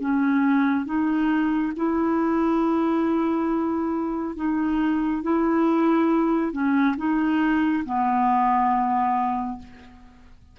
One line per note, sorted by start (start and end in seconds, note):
0.00 0.86 C#4
0.86 1.73 D#4
1.76 4.36 E4
4.36 5.23 D#4
5.23 6.52 E4
6.52 6.96 C#4
6.97 7.84 D#4
7.85 9.59 B3